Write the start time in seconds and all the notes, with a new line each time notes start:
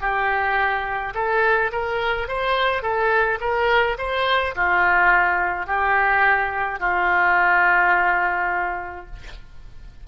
0.00 G4
1.14 A4
1.72 A#4
2.27 C5
2.82 A4
3.40 A#4
3.98 C5
4.55 F4
5.66 G4
6.79 F4